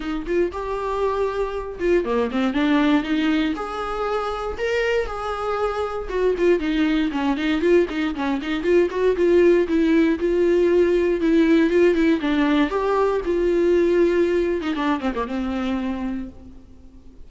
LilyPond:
\new Staff \with { instrumentName = "viola" } { \time 4/4 \tempo 4 = 118 dis'8 f'8 g'2~ g'8 f'8 | ais8 c'8 d'4 dis'4 gis'4~ | gis'4 ais'4 gis'2 | fis'8 f'8 dis'4 cis'8 dis'8 f'8 dis'8 |
cis'8 dis'8 f'8 fis'8 f'4 e'4 | f'2 e'4 f'8 e'8 | d'4 g'4 f'2~ | f'8. dis'16 d'8 c'16 ais16 c'2 | }